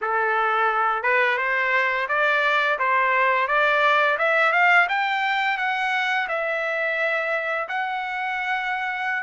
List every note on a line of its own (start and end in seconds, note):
0.01 1.02 A4
1.02 1.37 B4
1.37 2.07 C5
2.08 2.78 D5
2.78 3.47 C5
3.47 4.17 D5
4.18 4.52 E5
4.52 4.87 F5
4.88 5.57 G5
5.57 6.27 F#5
6.28 7.67 E5
7.68 9.23 F#5